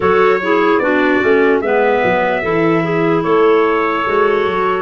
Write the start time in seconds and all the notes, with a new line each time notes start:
0.00 F#3 F#4 A4 C#5
0.41 E4 G#4
0.78 B3 D4 F#4 D5
1.21 A3 C#4
1.61 G#3 B3 B4 E5
2.04 F#3
2.42 E3 E4 A4
2.83 G#4
3.22 A3 A4 C#5
4.06 G#3 F#4
4.45 F#3